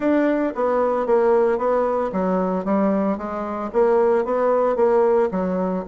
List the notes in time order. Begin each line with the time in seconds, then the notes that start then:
0.00 D4
0.55 B3
1.06 A#3
1.57 B3
2.12 F#3
2.65 G3
3.17 G#3
3.72 A#3
4.24 B3
4.75 A#3
5.31 F#3